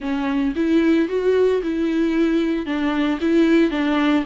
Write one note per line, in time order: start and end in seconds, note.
0.00 0.54 C#4
0.55 1.08 E4
1.08 1.61 F#4
1.62 2.65 E4
2.65 3.19 D4
3.21 3.70 E4
3.70 4.24 D4